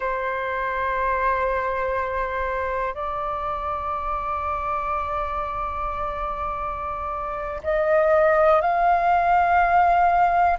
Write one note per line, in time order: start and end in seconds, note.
0.00 2.93 C5
2.93 7.61 D5
7.63 8.61 D#5
8.61 10.57 F5